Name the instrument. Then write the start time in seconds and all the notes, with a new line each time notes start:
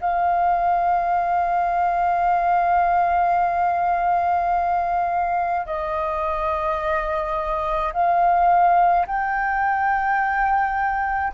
flute
0.00 F5
5.66 D#5
7.92 F5
9.06 G5